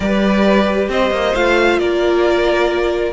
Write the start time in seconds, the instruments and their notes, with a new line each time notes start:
0.00 cello G3, viola G4, violin B4 D5
0.89 cello C4, violin C5 D#5
1.11 cello A#3
1.34 cello A3, viola F4, violin F5
1.78 cello A#3, violin A#4 D5